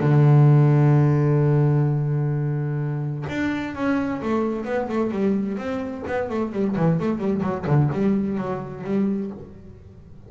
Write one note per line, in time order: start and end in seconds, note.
0.00 3.26 D3
3.29 3.75 D4
3.75 4.21 C#4
4.22 4.65 A3
4.65 4.88 B3
4.89 5.11 A3
5.11 5.58 G3
5.58 6.04 C4
6.07 6.30 B3
6.30 6.52 A3
6.52 6.76 G3
6.76 6.99 E3
7.00 7.18 A3
7.18 7.41 G3
7.42 7.66 F#3
7.67 7.90 D3
7.93 8.38 G3
8.38 8.84 F#3
8.84 9.31 G3